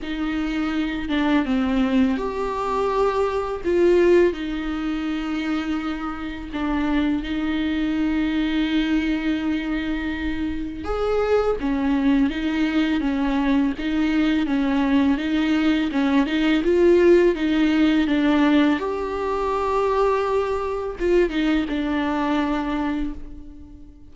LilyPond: \new Staff \with { instrumentName = "viola" } { \time 4/4 \tempo 4 = 83 dis'4. d'8 c'4 g'4~ | g'4 f'4 dis'2~ | dis'4 d'4 dis'2~ | dis'2. gis'4 |
cis'4 dis'4 cis'4 dis'4 | cis'4 dis'4 cis'8 dis'8 f'4 | dis'4 d'4 g'2~ | g'4 f'8 dis'8 d'2 | }